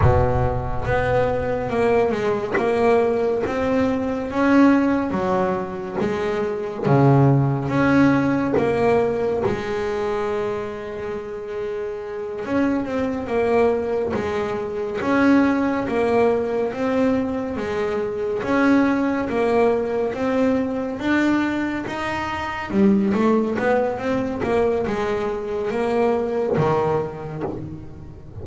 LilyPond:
\new Staff \with { instrumentName = "double bass" } { \time 4/4 \tempo 4 = 70 b,4 b4 ais8 gis8 ais4 | c'4 cis'4 fis4 gis4 | cis4 cis'4 ais4 gis4~ | gis2~ gis8 cis'8 c'8 ais8~ |
ais8 gis4 cis'4 ais4 c'8~ | c'8 gis4 cis'4 ais4 c'8~ | c'8 d'4 dis'4 g8 a8 b8 | c'8 ais8 gis4 ais4 dis4 | }